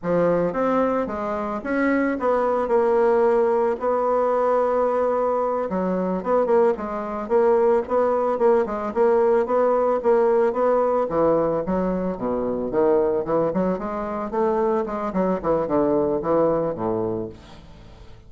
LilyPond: \new Staff \with { instrumentName = "bassoon" } { \time 4/4 \tempo 4 = 111 f4 c'4 gis4 cis'4 | b4 ais2 b4~ | b2~ b8 fis4 b8 | ais8 gis4 ais4 b4 ais8 |
gis8 ais4 b4 ais4 b8~ | b8 e4 fis4 b,4 dis8~ | dis8 e8 fis8 gis4 a4 gis8 | fis8 e8 d4 e4 a,4 | }